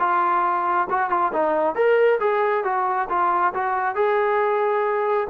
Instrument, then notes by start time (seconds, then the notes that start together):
trombone
0.00 F4
0.90 F#4
1.10 F4
1.33 D#4
1.76 A#4
2.21 G#4
2.65 F#4
3.10 F4
3.55 F#4
3.96 G#4